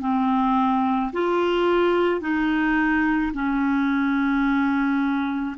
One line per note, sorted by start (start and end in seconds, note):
0.00 1.11 C4
1.13 2.21 F4
2.21 3.32 D#4
3.33 5.56 C#4